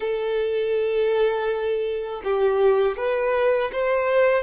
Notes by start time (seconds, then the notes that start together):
0.00 A4
2.24 G4
2.96 B4
3.72 C5